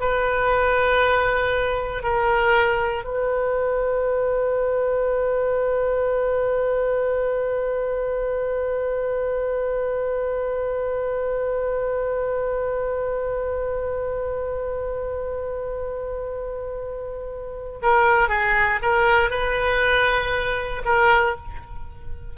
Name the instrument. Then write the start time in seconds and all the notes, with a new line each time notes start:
oboe
0.00 B4
2.03 A#4
3.04 B4
17.82 A#4
18.28 G#4
18.82 A#4
19.30 B4
20.85 A#4